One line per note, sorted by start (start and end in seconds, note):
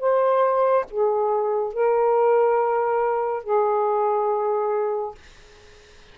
0.00 0.86 C5
0.90 1.74 G#4
1.74 3.44 A#4
3.44 5.15 G#4